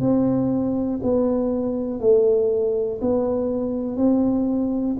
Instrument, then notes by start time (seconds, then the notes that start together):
tuba
0.00 C4
1.03 B3
2.00 A3
3.01 B3
3.97 C4